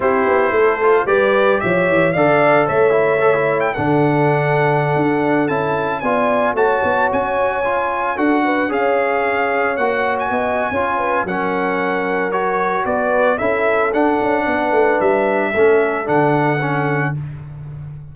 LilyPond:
<<
  \new Staff \with { instrumentName = "trumpet" } { \time 4/4 \tempo 4 = 112 c''2 d''4 e''4 | f''4 e''4.~ e''16 g''16 fis''4~ | fis''2~ fis''16 a''4 gis''8.~ | gis''16 a''4 gis''2 fis''8.~ |
fis''16 f''2 fis''8. gis''4~ | gis''4 fis''2 cis''4 | d''4 e''4 fis''2 | e''2 fis''2 | }
  \new Staff \with { instrumentName = "horn" } { \time 4/4 g'4 a'4 b'4 cis''4 | d''4 cis''2 a'4~ | a'2.~ a'16 d''8.~ | d''16 cis''2. a'8 b'16~ |
b'16 cis''2. dis''8. | cis''8 b'8 ais'2. | b'4 a'2 b'4~ | b'4 a'2. | }
  \new Staff \with { instrumentName = "trombone" } { \time 4/4 e'4. f'8 g'2 | a'4. e'8 a'16 e'8. d'4~ | d'2~ d'16 e'4 f'8.~ | f'16 fis'2 f'4 fis'8.~ |
fis'16 gis'2 fis'4.~ fis'16 | f'4 cis'2 fis'4~ | fis'4 e'4 d'2~ | d'4 cis'4 d'4 cis'4 | }
  \new Staff \with { instrumentName = "tuba" } { \time 4/4 c'8 b8 a4 g4 f8 e8 | d4 a2 d4~ | d4~ d16 d'4 cis'4 b8.~ | b16 a8 b8 cis'2 d'8.~ |
d'16 cis'2 ais4 b8. | cis'4 fis2. | b4 cis'4 d'8 cis'8 b8 a8 | g4 a4 d2 | }
>>